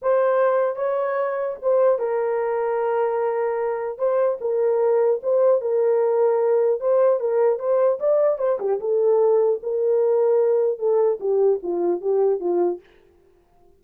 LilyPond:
\new Staff \with { instrumentName = "horn" } { \time 4/4 \tempo 4 = 150 c''2 cis''2 | c''4 ais'2.~ | ais'2 c''4 ais'4~ | ais'4 c''4 ais'2~ |
ais'4 c''4 ais'4 c''4 | d''4 c''8 g'8 a'2 | ais'2. a'4 | g'4 f'4 g'4 f'4 | }